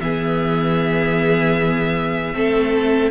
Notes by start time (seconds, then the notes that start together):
0.00 E3 B3 G#4 E5
2.33 A3 C4 A4